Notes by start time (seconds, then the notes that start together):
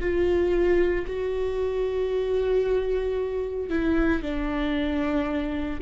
0.00 F4
1.06 F#4
3.69 E4
4.22 D4